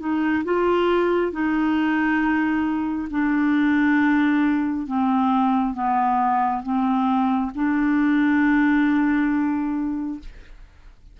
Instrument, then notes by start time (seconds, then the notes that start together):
clarinet
0.00 D#4
0.45 F4
1.32 D#4
3.10 D4
4.87 C4
5.75 B3
6.63 C4
7.55 D4